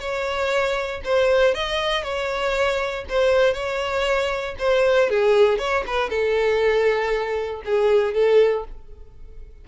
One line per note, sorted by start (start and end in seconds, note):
0.00 1.02 C#5
1.05 1.55 C5
1.55 2.04 D#5
2.04 3.05 C#5
3.09 3.54 C5
3.54 4.56 C#5
4.59 5.10 C5
5.10 5.59 G#4
5.59 5.84 C#5
5.87 6.10 B4
6.10 7.62 A4
7.65 8.14 G#4
8.14 8.65 A4